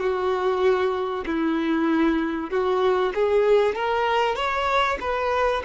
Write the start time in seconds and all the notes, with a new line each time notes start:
0.00 F#4
1.26 E4
2.51 F#4
3.15 G#4
3.75 A#4
4.36 C#5
5.01 B4